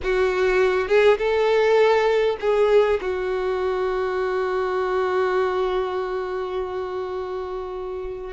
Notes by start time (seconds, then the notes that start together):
0.03 F#4
0.87 G#4
1.17 A4
2.40 G#4
3.01 F#4